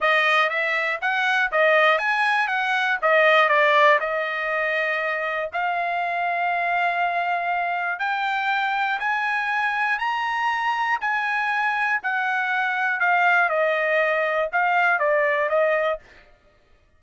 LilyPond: \new Staff \with { instrumentName = "trumpet" } { \time 4/4 \tempo 4 = 120 dis''4 e''4 fis''4 dis''4 | gis''4 fis''4 dis''4 d''4 | dis''2. f''4~ | f''1 |
g''2 gis''2 | ais''2 gis''2 | fis''2 f''4 dis''4~ | dis''4 f''4 d''4 dis''4 | }